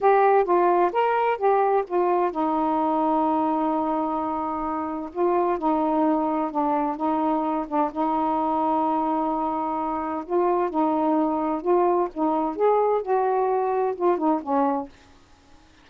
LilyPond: \new Staff \with { instrumentName = "saxophone" } { \time 4/4 \tempo 4 = 129 g'4 f'4 ais'4 g'4 | f'4 dis'2.~ | dis'2. f'4 | dis'2 d'4 dis'4~ |
dis'8 d'8 dis'2.~ | dis'2 f'4 dis'4~ | dis'4 f'4 dis'4 gis'4 | fis'2 f'8 dis'8 cis'4 | }